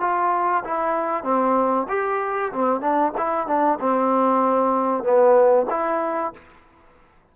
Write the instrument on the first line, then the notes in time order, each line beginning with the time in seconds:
trombone
0.00 F4
0.64 E4
1.23 C4
1.89 G4
2.52 C4
2.80 D4
3.17 E4
3.47 D4
3.80 C4
5.03 B3
5.69 E4